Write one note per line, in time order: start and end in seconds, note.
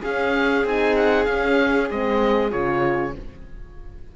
0.00 0.65 C#4
0.00 3.12 G#4
0.00 0.67 F5
0.65 1.28 C4
0.65 1.28 D#4
0.65 0.96 G#5
0.96 1.25 F#5
1.25 1.90 C#4
1.25 1.88 F5
1.90 2.53 G#3
1.90 2.51 C4
1.90 2.52 D#5
2.51 3.16 C#3
2.51 3.13 F4
2.51 3.14 C#5